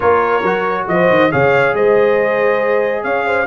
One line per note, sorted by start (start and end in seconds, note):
0.00 0.42 A#3
0.00 0.42 F4
0.00 0.86 A#4
0.00 0.87 C#5
0.42 0.86 F#3
0.42 1.31 F#4
0.88 1.09 F3
0.88 1.32 C5
0.88 1.31 D#5
1.09 1.31 D#3
1.31 1.73 C#3
1.31 3.47 G#4
1.31 1.75 C#5
1.31 1.75 F5
1.73 3.04 G#3
1.73 3.03 C5
1.73 3.03 D#5
3.03 3.47 C#4
3.03 3.25 C#5
3.03 3.47 F5
3.26 3.47 C5